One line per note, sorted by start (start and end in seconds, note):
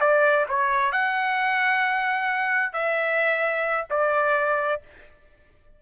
0.00 0.46 D5
0.49 0.92 C#5
0.92 2.73 F#5
2.73 3.87 E5
3.90 4.81 D5